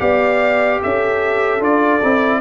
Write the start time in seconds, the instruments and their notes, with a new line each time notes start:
0.00 tuba B3, trombone G4, horn D5, trumpet F5
0.82 tuba C#4, horn A4, trumpet E5
1.60 tuba D4, trombone F4, trumpet D5
2.03 tuba C4, trombone E4